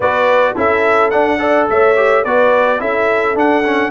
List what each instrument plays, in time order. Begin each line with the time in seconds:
0.00 tuba B3, trombone F#4, horn B4, trumpet D5
0.56 tuba C#4, trombone E4, horn A4, trumpet E5
1.10 trombone D4, tuba D4, trumpet F#5
1.38 trombone A4, horn D5
1.69 tuba A3, horn C#5, trumpet E5
1.96 trombone G4
2.23 tuba B3, trombone F#4, horn B4, trumpet D5
2.79 tuba C#4, trombone E4, horn A4, trumpet E5
3.34 tuba D4, trombone D4, trumpet F#5
3.64 trombone C#4